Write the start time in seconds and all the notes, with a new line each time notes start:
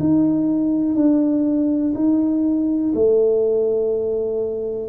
0.00 D#4
0.95 D4
1.94 D#4
2.95 A3